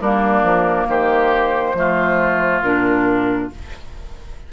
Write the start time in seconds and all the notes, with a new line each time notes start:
0.00 G3 A#3 D4 A#4
0.42 F3
0.87 D#3 G4 C5
1.74 F3 A3 F4
2.62 A#2 D4 A#4